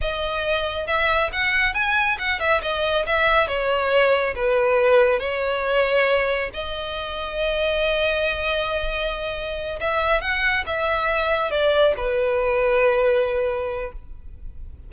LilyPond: \new Staff \with { instrumentName = "violin" } { \time 4/4 \tempo 4 = 138 dis''2 e''4 fis''4 | gis''4 fis''8 e''8 dis''4 e''4 | cis''2 b'2 | cis''2. dis''4~ |
dis''1~ | dis''2~ dis''8 e''4 fis''8~ | fis''8 e''2 d''4 b'8~ | b'1 | }